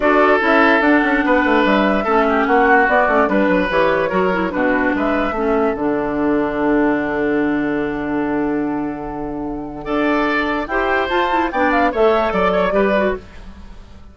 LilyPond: <<
  \new Staff \with { instrumentName = "flute" } { \time 4/4 \tempo 4 = 146 d''4 e''4 fis''2 | e''2 fis''4 d''4 | b'4 cis''2 b'4 | e''2 fis''2~ |
fis''1~ | fis''1~ | fis''2 g''4 a''4 | g''8 f''8 e''4 d''2 | }
  \new Staff \with { instrumentName = "oboe" } { \time 4/4 a'2. b'4~ | b'4 a'8 g'8 fis'2 | b'2 ais'4 fis'4 | b'4 a'2.~ |
a'1~ | a'1 | d''2 c''2 | d''4 cis''4 d''8 cis''8 b'4 | }
  \new Staff \with { instrumentName = "clarinet" } { \time 4/4 fis'4 e'4 d'2~ | d'4 cis'2 b8 cis'8 | d'4 g'4 fis'8 e'8 d'4~ | d'4 cis'4 d'2~ |
d'1~ | d'1 | a'2 g'4 f'8 e'8 | d'4 a'2 g'8 fis'8 | }
  \new Staff \with { instrumentName = "bassoon" } { \time 4/4 d'4 cis'4 d'8 cis'8 b8 a8 | g4 a4 ais4 b8 a8 | g8 fis8 e4 fis4 b,4 | gis4 a4 d2~ |
d1~ | d1 | d'2 e'4 f'4 | b4 a4 fis4 g4 | }
>>